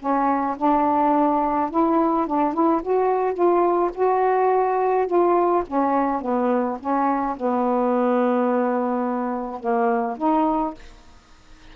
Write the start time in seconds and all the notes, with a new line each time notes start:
0.00 C#4
0.57 D4
1.71 E4
2.27 D4
2.54 E4
2.83 F#4
3.34 F4
3.95 F#4
5.07 F4
5.67 C#4
6.22 B3
6.80 C#4
7.37 B3
9.60 A#3
10.18 D#4